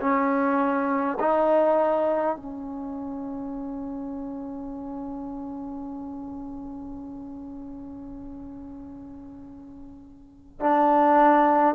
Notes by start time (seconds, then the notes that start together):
0.00 C#4
1.19 D#4
2.36 C#4
10.60 D4